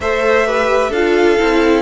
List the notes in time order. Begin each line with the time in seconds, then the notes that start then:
0.00 A3 A4 C5 E5
0.46 G4 B4
0.90 D4 F4 A4 F5
1.38 C4 E4